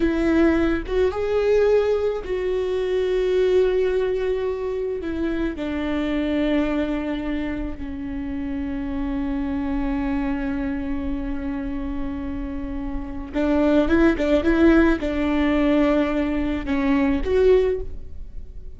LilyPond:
\new Staff \with { instrumentName = "viola" } { \time 4/4 \tempo 4 = 108 e'4. fis'8 gis'2 | fis'1~ | fis'4 e'4 d'2~ | d'2 cis'2~ |
cis'1~ | cis'1 | d'4 e'8 d'8 e'4 d'4~ | d'2 cis'4 fis'4 | }